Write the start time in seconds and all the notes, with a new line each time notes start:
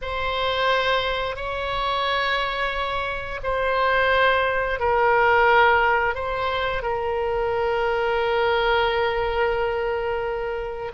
0.01 C5
1.36 C#5
3.43 C5
4.79 A#4
6.15 C5
6.82 A#4